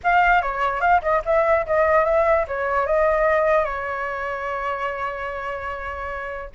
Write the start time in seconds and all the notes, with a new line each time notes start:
0.03 F5
0.41 C#5
0.80 F5
1.02 D#5
1.25 E5
1.66 D#5
2.05 E5
2.47 C#5
2.86 D#5
3.64 C#5